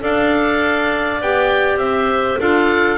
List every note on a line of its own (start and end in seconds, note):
0.00 1.22 D4
0.00 1.20 A4
0.00 1.81 D5
0.00 1.22 F5
1.22 1.77 B3
1.22 2.40 G4
1.22 1.79 G5
1.77 2.37 C4
1.77 2.40 C5
1.77 2.39 E5
2.40 2.98 D4
2.40 2.98 F4
2.40 2.98 A4
2.40 2.98 F5